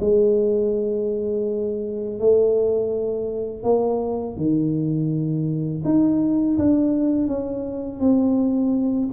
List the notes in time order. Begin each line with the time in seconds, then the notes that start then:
0.00 G#3
2.19 A3
3.63 A#3
4.36 D#3
5.84 D#4
6.58 D4
7.27 C#4
8.00 C4